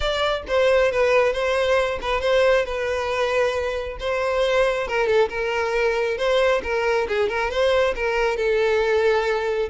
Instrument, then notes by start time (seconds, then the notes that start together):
violin
0.00 D5
0.47 C5
0.91 B4
1.32 C5
2.01 B4
2.21 C5
2.65 B4
3.99 C5
4.87 A#4
5.06 A4
5.29 A#4
6.17 C5
6.63 A#4
7.08 G#4
7.28 A#4
7.50 C5
7.95 A#4
8.36 A4